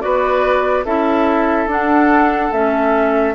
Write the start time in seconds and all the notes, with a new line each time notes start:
0.00 B3 F#4 B4 D5
0.85 C#4 E4 A4 E5
1.66 D4 F#5
2.52 A3 C#4 E5